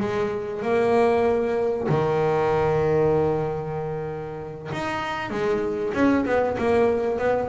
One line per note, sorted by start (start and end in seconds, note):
0.00 0.62 G#3
0.62 1.88 A#3
1.89 4.70 D#3
4.72 5.31 D#4
5.31 5.93 G#3
5.93 6.25 C#4
6.25 6.57 B3
6.58 7.18 A#3
7.18 7.49 B3